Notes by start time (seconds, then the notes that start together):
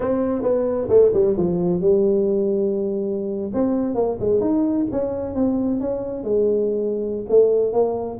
0.00 C4
0.42 B3
0.89 A3
1.13 G3
1.37 F3
1.81 G3
3.53 C4
3.94 A#3
4.20 G#3
4.40 D#4
4.91 C#4
5.34 C4
5.80 C#4
6.23 G#3
7.29 A3
7.73 A#3